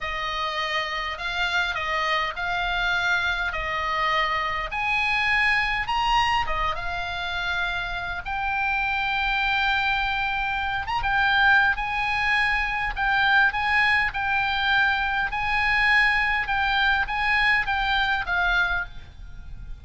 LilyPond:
\new Staff \with { instrumentName = "oboe" } { \time 4/4 \tempo 4 = 102 dis''2 f''4 dis''4 | f''2 dis''2 | gis''2 ais''4 dis''8 f''8~ | f''2 g''2~ |
g''2~ g''8 ais''16 g''4~ g''16 | gis''2 g''4 gis''4 | g''2 gis''2 | g''4 gis''4 g''4 f''4 | }